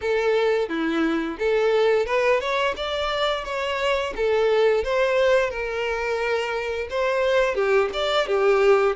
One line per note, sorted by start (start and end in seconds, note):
0.01 0.68 A4
0.68 1.37 E4
1.38 2.06 A4
2.06 2.40 B4
2.40 2.74 C#5
2.76 3.44 D5
3.44 4.13 C#5
4.15 4.84 A4
4.84 5.50 C5
5.50 6.88 A#4
6.90 7.55 C5
7.55 7.89 G4
7.93 8.26 D5
8.26 8.95 G4